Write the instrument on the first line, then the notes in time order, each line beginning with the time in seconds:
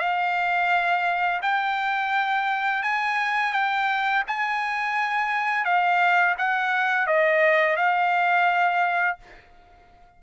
trumpet
0.00 F5
1.42 G5
2.83 G#5
3.53 G5
4.27 G#5
5.65 F5
6.38 F#5
7.07 D#5
7.77 F5